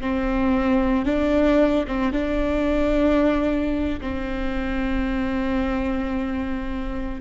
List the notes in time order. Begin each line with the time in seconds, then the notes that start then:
0.00 C4
1.05 D4
1.87 C4
2.12 D4
4.00 C4